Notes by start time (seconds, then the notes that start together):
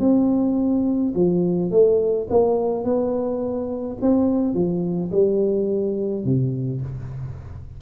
0.00 C4
1.15 F3
1.71 A3
2.30 A#3
2.84 B3
4.01 C4
4.54 F3
5.11 G3
6.25 C3